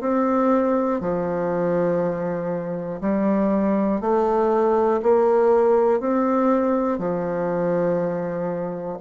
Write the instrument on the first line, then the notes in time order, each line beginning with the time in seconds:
bassoon
0.00 C4
1.00 F3
3.00 G3
4.00 A3
5.02 A#3
6.00 C4
6.98 F3